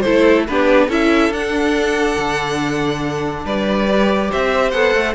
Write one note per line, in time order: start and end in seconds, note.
0.00 0.48 E4
0.00 0.46 A4
0.00 0.43 C5
0.06 0.48 A3
0.47 0.88 B3
0.47 0.89 D4
0.47 0.87 G4
0.47 0.90 B4
0.87 1.30 C#4
0.87 1.32 E4
0.87 3.43 A4
0.87 1.32 E5
1.30 2.15 D4
1.30 3.88 D4
1.30 3.45 F#5
2.17 3.45 D3
3.45 4.30 G3
3.45 4.30 B4
3.45 4.31 D5
3.89 4.73 G4
4.30 4.73 C4
4.30 5.14 C5
4.30 4.71 E5
4.71 4.94 B3
4.71 5.14 A4
4.71 5.13 F#5
4.94 5.14 A3